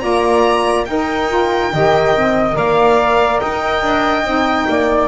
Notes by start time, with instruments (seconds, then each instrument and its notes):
0.00 double bass A#3, saxophone F4, flute D5, violin A#5
0.85 saxophone D#4, double bass D#4, flute A#4, violin G5
1.29 saxophone F4
1.73 double bass D#3, saxophone G4, flute D#5
2.15 saxophone C4
2.54 double bass A#3, saxophone A#4, flute D5, violin F5
3.40 double bass D#4, flute D#5, violin G5
3.83 double bass D4
4.24 double bass C4, saxophone D#4
4.69 double bass A#3, flute D5